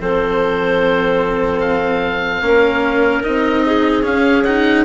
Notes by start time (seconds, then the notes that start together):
0.00 F3 C4 A4 C5
1.61 F5
2.42 A#3 C#4 A#4
3.23 C4 D#4 D#5
3.66 G#4
4.03 C#4 F5
4.44 D#4 F#5